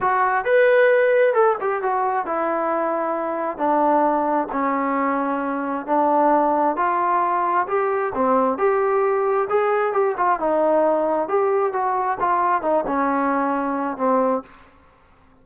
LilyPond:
\new Staff \with { instrumentName = "trombone" } { \time 4/4 \tempo 4 = 133 fis'4 b'2 a'8 g'8 | fis'4 e'2. | d'2 cis'2~ | cis'4 d'2 f'4~ |
f'4 g'4 c'4 g'4~ | g'4 gis'4 g'8 f'8 dis'4~ | dis'4 g'4 fis'4 f'4 | dis'8 cis'2~ cis'8 c'4 | }